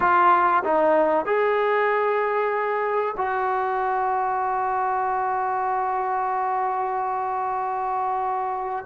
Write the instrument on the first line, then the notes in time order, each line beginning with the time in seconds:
trombone
0.00 F4
0.64 D#4
1.25 G#4
3.17 F#4